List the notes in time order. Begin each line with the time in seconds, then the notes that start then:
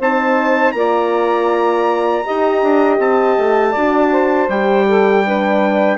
0.00 C4 D#4 C5 A5
0.72 A#3 F4 D5 A#5
2.26 D#4 G4 D#5
2.63 D4
2.99 C4 A5
3.38 A3
3.71 D4 F#4 D5
4.12 C5
4.49 G3 G4 G5
4.88 A4
5.26 D4 B4